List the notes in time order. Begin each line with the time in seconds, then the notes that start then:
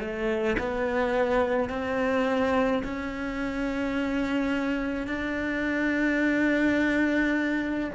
0.00 A3
0.58 B3
1.69 C4
2.84 C#4
5.07 D4